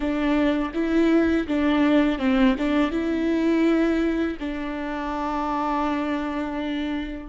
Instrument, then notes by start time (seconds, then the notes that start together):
viola
0.00 D4
0.74 E4
1.47 D4
2.19 C4
2.58 D4
2.91 E4
4.39 D4